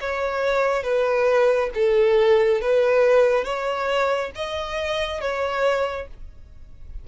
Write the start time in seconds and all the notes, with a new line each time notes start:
0.00 C#5
0.83 B4
1.74 A4
2.61 B4
3.44 C#5
4.35 D#5
5.21 C#5